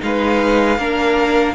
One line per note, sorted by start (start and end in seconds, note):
0.00 0.78 G#3
0.00 0.77 D#4
0.00 0.79 B4
0.00 1.55 F5
0.78 1.55 A#3
0.78 1.55 D4
0.78 1.55 A#4